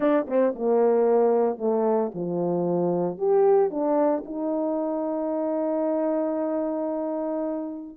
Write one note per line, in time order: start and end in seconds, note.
0.00 0.26 D4
0.27 0.53 C4
0.55 1.58 A#3
1.58 2.11 A3
2.14 3.18 F3
3.18 3.70 G4
3.70 4.23 D4
4.25 7.97 D#4